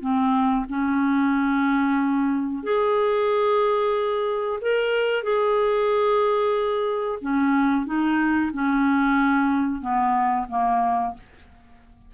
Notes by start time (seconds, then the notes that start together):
0.00 C4
0.68 C#4
2.63 G#4
4.61 A#4
5.23 G#4
7.21 C#4
7.86 D#4
8.53 C#4
9.81 B3
10.49 A#3